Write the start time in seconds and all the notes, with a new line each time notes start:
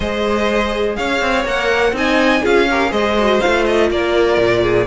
0.00 G#3 G#4 C5 D#5
0.96 C#4 C#5 F5
1.21 C4
1.44 A#3 A#4 F#5
1.92 C4 D#4 D#5 G#5
2.42 C#4 F4 G#4 F5
2.70 G4 A#4
2.89 G#3 G#4 C5 D#5
3.18 F#4
3.40 F4 F5
3.46 A3
3.65 D#5
3.90 A#3 A#4 D5
4.37 A#2
4.62 G#4